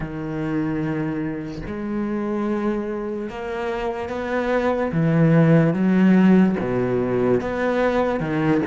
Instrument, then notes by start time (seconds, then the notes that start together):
cello
0.00 D#3
1.67 G#3
3.29 A#3
4.09 B3
4.92 E3
5.73 F#3
6.59 B2
7.40 B3
8.20 D#3